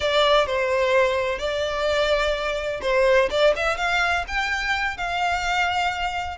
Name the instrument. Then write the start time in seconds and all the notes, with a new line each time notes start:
violin
0.00 D5
0.46 C5
1.39 D5
2.81 C5
3.30 D5
3.56 E5
3.77 F5
4.27 G5
4.97 F5